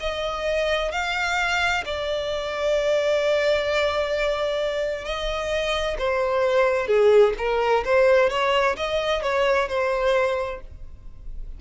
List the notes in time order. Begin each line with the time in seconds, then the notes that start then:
0.00 D#5
0.92 F5
1.85 D5
5.05 D#5
5.99 C5
6.87 G#4
7.38 A#4
7.85 C5
8.30 C#5
8.77 D#5
9.23 C#5
9.68 C5